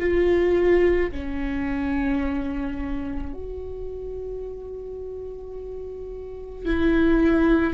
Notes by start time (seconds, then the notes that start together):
0.00 F4
1.12 C#4
3.33 F#4
6.65 E4